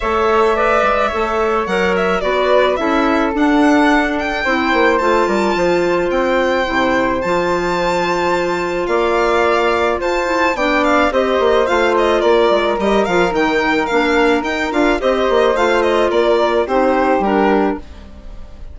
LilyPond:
<<
  \new Staff \with { instrumentName = "violin" } { \time 4/4 \tempo 4 = 108 e''2. fis''8 e''8 | d''4 e''4 fis''4. g''8~ | g''4 a''2 g''4~ | g''4 a''2. |
f''2 a''4 g''8 f''8 | dis''4 f''8 dis''8 d''4 dis''8 f''8 | g''4 f''4 g''8 f''8 dis''4 | f''8 dis''8 d''4 c''4 ais'4 | }
  \new Staff \with { instrumentName = "flute" } { \time 4/4 cis''4 d''4 cis''2 | b'4 a'2. | c''4. ais'8 c''2~ | c''1 |
d''2 c''4 d''4 | c''2 ais'2~ | ais'2. c''4~ | c''4 ais'4 g'2 | }
  \new Staff \with { instrumentName = "clarinet" } { \time 4/4 a'4 b'4 a'4 ais'4 | fis'4 e'4 d'2 | e'4 f'2. | e'4 f'2.~ |
f'2~ f'8 e'8 d'4 | g'4 f'2 g'8 f'8 | dis'4 d'4 dis'8 f'8 g'4 | f'2 dis'4 d'4 | }
  \new Staff \with { instrumentName = "bassoon" } { \time 4/4 a4. gis8 a4 fis4 | b4 cis'4 d'2 | c'8 ais8 a8 g8 f4 c'4 | c4 f2. |
ais2 f'4 b4 | c'8 ais8 a4 ais8 gis8 g8 f8 | dis4 ais4 dis'8 d'8 c'8 ais8 | a4 ais4 c'4 g4 | }
>>